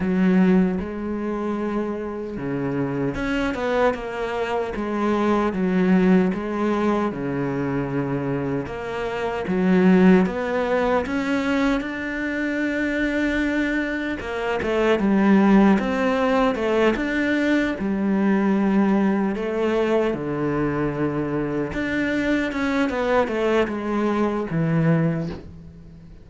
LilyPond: \new Staff \with { instrumentName = "cello" } { \time 4/4 \tempo 4 = 76 fis4 gis2 cis4 | cis'8 b8 ais4 gis4 fis4 | gis4 cis2 ais4 | fis4 b4 cis'4 d'4~ |
d'2 ais8 a8 g4 | c'4 a8 d'4 g4.~ | g8 a4 d2 d'8~ | d'8 cis'8 b8 a8 gis4 e4 | }